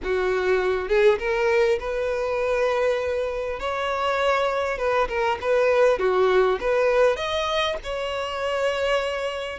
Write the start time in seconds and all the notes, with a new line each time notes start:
0.03 F#4
0.88 G#4
1.18 A#4
1.79 B4
3.59 C#5
4.78 B4
5.08 A#4
5.41 B4
5.98 F#4
6.60 B4
7.16 D#5
7.83 C#5